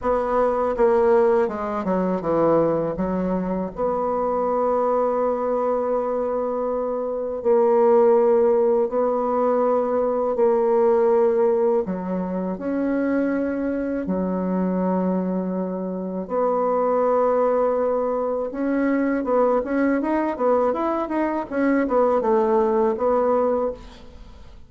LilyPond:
\new Staff \with { instrumentName = "bassoon" } { \time 4/4 \tempo 4 = 81 b4 ais4 gis8 fis8 e4 | fis4 b2.~ | b2 ais2 | b2 ais2 |
fis4 cis'2 fis4~ | fis2 b2~ | b4 cis'4 b8 cis'8 dis'8 b8 | e'8 dis'8 cis'8 b8 a4 b4 | }